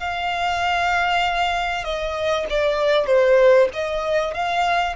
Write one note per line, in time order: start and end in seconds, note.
0.00 1.84 F5
1.84 2.46 D#5
2.50 3.07 D5
3.07 3.69 C5
3.73 4.34 D#5
4.34 4.96 F5